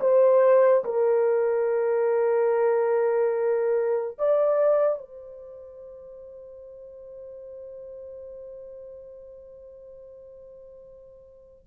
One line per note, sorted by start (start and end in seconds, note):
0.00 0.83 C5
0.84 4.17 A#4
4.18 4.98 D5
4.98 11.65 C5